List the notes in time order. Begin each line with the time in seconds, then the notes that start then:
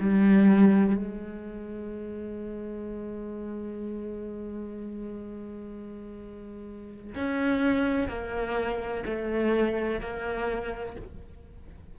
0.00 G3
0.95 G#3
7.14 C#4
8.08 A#3
9.05 A3
10.00 A#3